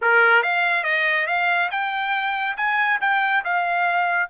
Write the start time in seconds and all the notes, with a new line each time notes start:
0.01 A#4
0.42 F5
0.83 D#5
1.26 F5
1.70 G5
2.56 G#5
3.00 G5
3.44 F5